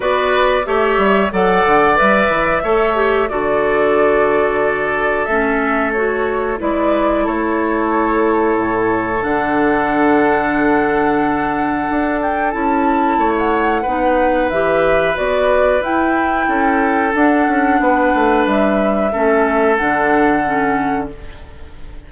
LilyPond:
<<
  \new Staff \with { instrumentName = "flute" } { \time 4/4 \tempo 4 = 91 d''4 e''4 fis''4 e''4~ | e''4 d''2. | e''4 cis''4 d''4 cis''4~ | cis''2 fis''2~ |
fis''2~ fis''8 g''8 a''4~ | a''16 fis''4.~ fis''16 e''4 d''4 | g''2 fis''2 | e''2 fis''2 | }
  \new Staff \with { instrumentName = "oboe" } { \time 4/4 b'4 cis''4 d''2 | cis''4 a'2.~ | a'2 b'4 a'4~ | a'1~ |
a'1 | cis''4 b'2.~ | b'4 a'2 b'4~ | b'4 a'2. | }
  \new Staff \with { instrumentName = "clarinet" } { \time 4/4 fis'4 g'4 a'4 b'4 | a'8 g'8 fis'2. | cis'4 fis'4 e'2~ | e'2 d'2~ |
d'2. e'4~ | e'4 dis'4 g'4 fis'4 | e'2 d'2~ | d'4 cis'4 d'4 cis'4 | }
  \new Staff \with { instrumentName = "bassoon" } { \time 4/4 b4 a8 g8 fis8 d8 g8 e8 | a4 d2. | a2 gis4 a4~ | a4 a,4 d2~ |
d2 d'4 cis'4 | a4 b4 e4 b4 | e'4 cis'4 d'8 cis'8 b8 a8 | g4 a4 d2 | }
>>